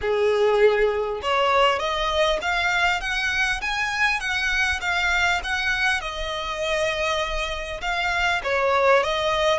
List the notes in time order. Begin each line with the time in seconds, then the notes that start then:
0.01 G#4
1.22 C#5
1.79 D#5
2.41 F5
3.00 F#5
3.61 G#5
4.20 F#5
4.80 F5
5.43 F#5
6.01 D#5
7.81 F5
8.43 C#5
9.03 D#5